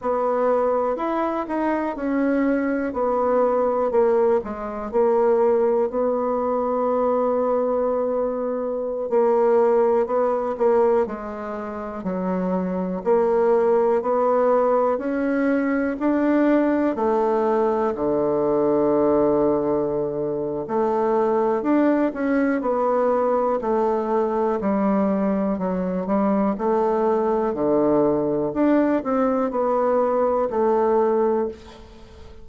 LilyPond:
\new Staff \with { instrumentName = "bassoon" } { \time 4/4 \tempo 4 = 61 b4 e'8 dis'8 cis'4 b4 | ais8 gis8 ais4 b2~ | b4~ b16 ais4 b8 ais8 gis8.~ | gis16 fis4 ais4 b4 cis'8.~ |
cis'16 d'4 a4 d4.~ d16~ | d4 a4 d'8 cis'8 b4 | a4 g4 fis8 g8 a4 | d4 d'8 c'8 b4 a4 | }